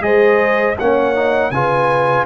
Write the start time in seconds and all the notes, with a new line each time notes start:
0.00 G#3 G#4 C5 D#5
0.78 A#3 C#4 C#5 F#5
1.14 D#4
1.50 C#3 F4 B4 G#5